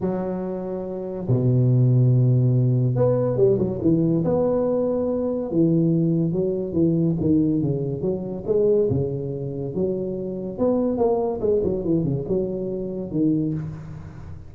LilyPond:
\new Staff \with { instrumentName = "tuba" } { \time 4/4 \tempo 4 = 142 fis2. b,4~ | b,2. b4 | g8 fis8 e4 b2~ | b4 e2 fis4 |
e4 dis4 cis4 fis4 | gis4 cis2 fis4~ | fis4 b4 ais4 gis8 fis8 | e8 cis8 fis2 dis4 | }